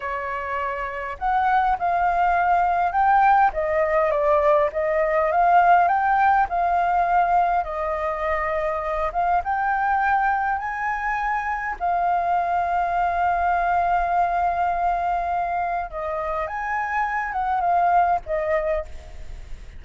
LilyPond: \new Staff \with { instrumentName = "flute" } { \time 4/4 \tempo 4 = 102 cis''2 fis''4 f''4~ | f''4 g''4 dis''4 d''4 | dis''4 f''4 g''4 f''4~ | f''4 dis''2~ dis''8 f''8 |
g''2 gis''2 | f''1~ | f''2. dis''4 | gis''4. fis''8 f''4 dis''4 | }